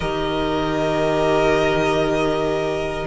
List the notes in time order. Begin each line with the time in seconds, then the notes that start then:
0.00 D#3 G4 A#4 D#5